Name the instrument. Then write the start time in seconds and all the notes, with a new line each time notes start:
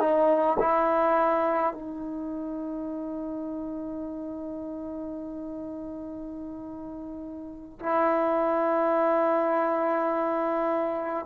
trombone
0.00 D#4
0.59 E4
1.73 D#4
7.79 E4